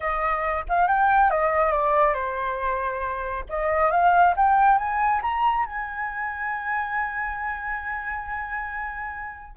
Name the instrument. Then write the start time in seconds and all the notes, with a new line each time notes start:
flute
0.00 D#5
0.68 F5
0.87 G5
1.30 D#5
1.72 D5
2.13 C5
3.49 D#5
3.91 F5
4.36 G5
4.77 G#5
5.22 A#5
5.65 G#5